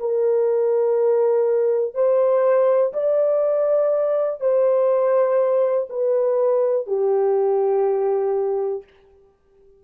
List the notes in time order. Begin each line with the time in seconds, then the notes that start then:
0.00 A#4
1.95 C5
2.94 D5
4.41 C5
5.90 B4
6.87 G4